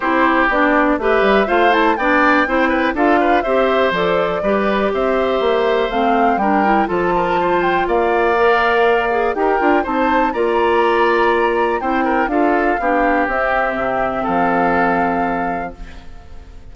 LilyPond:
<<
  \new Staff \with { instrumentName = "flute" } { \time 4/4 \tempo 4 = 122 c''4 d''4 e''4 f''8 a''8 | g''2 f''4 e''4 | d''2 e''2 | f''4 g''4 a''4. g''8 |
f''2. g''4 | a''4 ais''2. | g''4 f''2 e''4~ | e''4 f''2. | }
  \new Staff \with { instrumentName = "oboe" } { \time 4/4 g'2 b'4 c''4 | d''4 c''8 b'8 a'8 b'8 c''4~ | c''4 b'4 c''2~ | c''4 ais'4 a'8 ais'8 c''4 |
d''2. ais'4 | c''4 d''2. | c''8 ais'8 a'4 g'2~ | g'4 a'2. | }
  \new Staff \with { instrumentName = "clarinet" } { \time 4/4 e'4 d'4 g'4 f'8 e'8 | d'4 e'4 f'4 g'4 | a'4 g'2. | c'4 d'8 e'8 f'2~ |
f'4 ais'4. gis'8 g'8 f'8 | dis'4 f'2. | e'4 f'4 d'4 c'4~ | c'1 | }
  \new Staff \with { instrumentName = "bassoon" } { \time 4/4 c'4 b4 a8 g8 a4 | b4 c'4 d'4 c'4 | f4 g4 c'4 ais4 | a4 g4 f2 |
ais2. dis'8 d'8 | c'4 ais2. | c'4 d'4 b4 c'4 | c4 f2. | }
>>